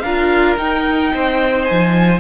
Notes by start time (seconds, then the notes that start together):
0.00 D4 A#4 F5
0.06 F4
0.58 D#4 G5
1.14 C4 C5
1.65 G#5
1.71 F3